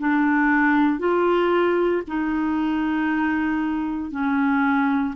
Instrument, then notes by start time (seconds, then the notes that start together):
clarinet
0.00 D4
0.99 F4
2.07 D#4
4.11 C#4